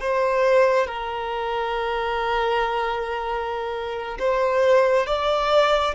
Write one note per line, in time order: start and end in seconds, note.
0.00 0.87 C5
0.87 4.18 A#4
4.19 5.07 C5
5.07 5.95 D5